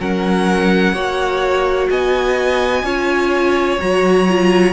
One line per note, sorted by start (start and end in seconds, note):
0.00 0.94 F#3
0.00 0.96 C#4
0.00 0.94 A#4
0.00 1.90 F#5
0.94 1.89 A#3
0.94 2.84 F#4
0.94 1.90 C#5
1.90 2.84 B3
1.90 2.86 D#5
1.90 3.81 G#5
2.84 3.79 C#4
2.84 3.80 F4
2.84 4.74 C#5
3.81 4.74 F#3
3.81 4.28 F#4
3.81 4.74 A#5
4.29 4.74 F4